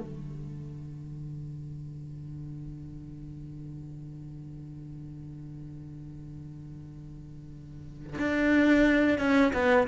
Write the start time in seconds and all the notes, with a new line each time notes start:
0.00 D3
8.18 D4
9.19 C#4
9.53 B3